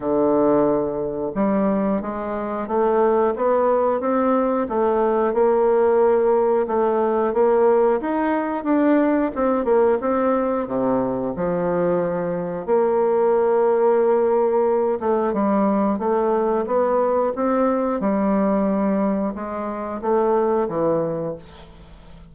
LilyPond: \new Staff \with { instrumentName = "bassoon" } { \time 4/4 \tempo 4 = 90 d2 g4 gis4 | a4 b4 c'4 a4 | ais2 a4 ais4 | dis'4 d'4 c'8 ais8 c'4 |
c4 f2 ais4~ | ais2~ ais8 a8 g4 | a4 b4 c'4 g4~ | g4 gis4 a4 e4 | }